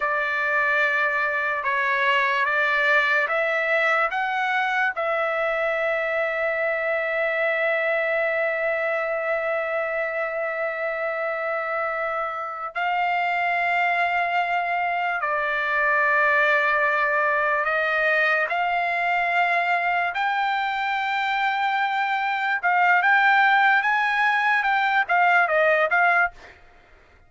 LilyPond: \new Staff \with { instrumentName = "trumpet" } { \time 4/4 \tempo 4 = 73 d''2 cis''4 d''4 | e''4 fis''4 e''2~ | e''1~ | e''2.~ e''8 f''8~ |
f''2~ f''8 d''4.~ | d''4. dis''4 f''4.~ | f''8 g''2. f''8 | g''4 gis''4 g''8 f''8 dis''8 f''8 | }